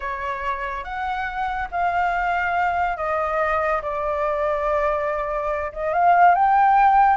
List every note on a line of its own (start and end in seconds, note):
0.00 0.84 C#5
0.84 1.68 F#5
1.71 2.96 F5
2.96 3.81 D#5
3.82 5.72 D5
5.72 5.93 D#5
5.93 6.34 F5
6.34 7.16 G5